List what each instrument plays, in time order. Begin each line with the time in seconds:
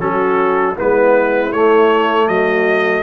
0.00 tuba F#3, trombone C#4, horn F#4, trumpet A4
0.77 tuba G#3, trombone B3, horn E4, trumpet B4
1.53 tuba A3, trombone A3, trumpet C#5
2.28 tuba F#3, horn F#4, trumpet D#5